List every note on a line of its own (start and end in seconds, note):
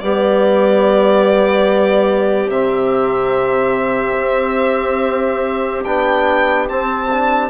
0.00 2.48 G3
0.00 2.51 B3
0.00 7.50 G4
0.00 2.50 D5
2.48 4.15 C3
2.48 5.85 C4
2.48 5.84 E5
4.19 5.85 C4
5.84 6.69 B3
5.84 6.68 D4
5.84 6.67 G5
6.68 7.10 C4
6.68 7.50 C4
6.68 7.50 A5
7.11 7.50 D4